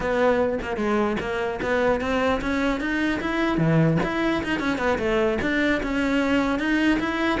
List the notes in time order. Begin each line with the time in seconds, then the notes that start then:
0.00 B3
0.61 A#3
0.76 G#3
1.19 A#3
1.61 B3
2.00 C4
2.41 C#4
2.80 D#4
3.20 E4
3.57 E3
4.03 E4
4.43 D#4
4.59 C#4
4.77 B3
4.98 A3
5.41 D4
5.83 C#4
6.59 D#4
6.99 E4